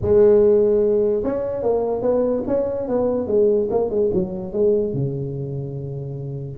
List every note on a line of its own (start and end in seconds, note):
0.01 1.23 G#3
1.23 1.62 C#4
1.62 2.02 A#3
2.02 2.43 B3
2.47 2.87 C#4
2.87 3.27 B3
3.27 3.68 G#3
3.70 3.89 A#3
3.89 4.10 G#3
4.13 4.52 F#3
4.52 4.93 G#3
4.93 6.58 C#3